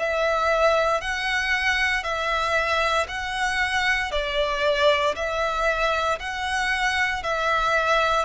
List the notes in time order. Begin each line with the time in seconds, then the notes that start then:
0.00 E5
1.02 F#5
2.04 E5
3.08 F#5
4.12 D5
5.16 E5
6.20 F#5
7.23 E5